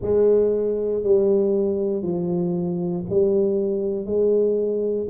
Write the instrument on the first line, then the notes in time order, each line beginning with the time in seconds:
tuba
0.01 G#3
1.03 G3
2.02 F3
3.09 G3
4.05 G#3